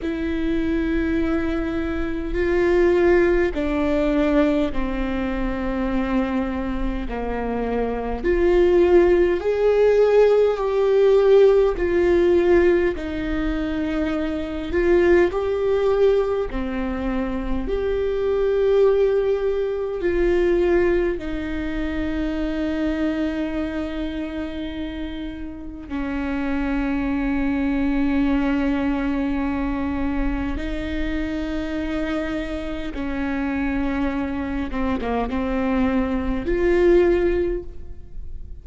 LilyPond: \new Staff \with { instrumentName = "viola" } { \time 4/4 \tempo 4 = 51 e'2 f'4 d'4 | c'2 ais4 f'4 | gis'4 g'4 f'4 dis'4~ | dis'8 f'8 g'4 c'4 g'4~ |
g'4 f'4 dis'2~ | dis'2 cis'2~ | cis'2 dis'2 | cis'4. c'16 ais16 c'4 f'4 | }